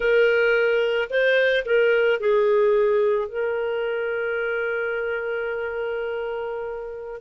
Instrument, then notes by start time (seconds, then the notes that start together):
clarinet
0.00 A#4
1.10 C5
1.65 A#4
2.19 G#4
3.28 A#4